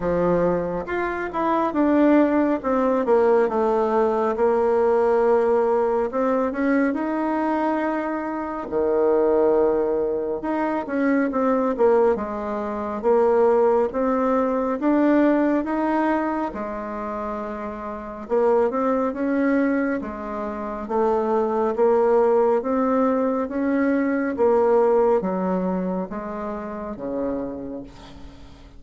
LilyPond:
\new Staff \with { instrumentName = "bassoon" } { \time 4/4 \tempo 4 = 69 f4 f'8 e'8 d'4 c'8 ais8 | a4 ais2 c'8 cis'8 | dis'2 dis2 | dis'8 cis'8 c'8 ais8 gis4 ais4 |
c'4 d'4 dis'4 gis4~ | gis4 ais8 c'8 cis'4 gis4 | a4 ais4 c'4 cis'4 | ais4 fis4 gis4 cis4 | }